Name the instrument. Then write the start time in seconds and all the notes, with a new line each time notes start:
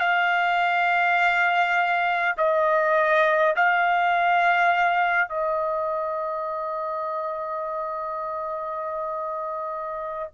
trumpet
0.00 F5
2.37 D#5
3.56 F5
5.29 D#5